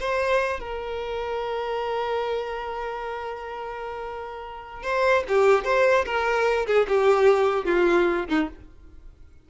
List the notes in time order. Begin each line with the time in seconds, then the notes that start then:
0.00 C5
0.60 A#4
4.83 C5
5.28 G4
5.64 C5
6.05 A#4
6.66 G#4
6.88 G4
7.65 F4
8.28 D#4